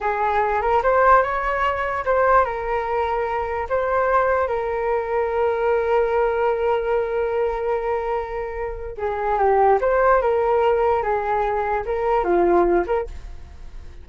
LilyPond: \new Staff \with { instrumentName = "flute" } { \time 4/4 \tempo 4 = 147 gis'4. ais'8 c''4 cis''4~ | cis''4 c''4 ais'2~ | ais'4 c''2 ais'4~ | ais'1~ |
ais'1~ | ais'2 gis'4 g'4 | c''4 ais'2 gis'4~ | gis'4 ais'4 f'4. ais'8 | }